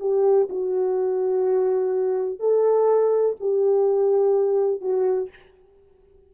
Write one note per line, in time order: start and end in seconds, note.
0.00 0.48 G4
0.49 2.39 F#4
2.39 3.36 A4
3.40 4.81 G4
4.81 5.30 F#4